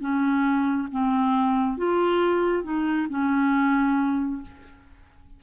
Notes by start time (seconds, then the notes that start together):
0.00 C#4
0.91 C4
1.77 F4
2.63 D#4
3.09 C#4